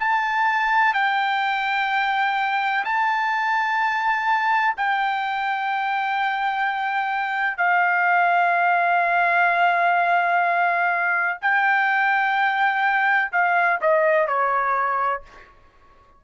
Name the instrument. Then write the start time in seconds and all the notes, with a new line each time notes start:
trumpet
0.00 A5
0.94 G5
2.85 A5
4.77 G5
7.58 F5
11.42 G5
13.32 F5
13.81 D#5
14.28 C#5